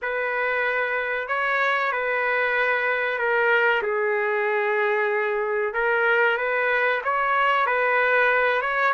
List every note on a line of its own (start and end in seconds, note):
0.02 1.28 B4
1.28 1.91 C#5
1.91 3.18 B4
3.18 3.82 A#4
3.82 5.73 G#4
5.73 6.37 A#4
6.37 7.01 B4
7.04 7.66 C#5
7.66 8.61 B4
8.61 8.93 C#5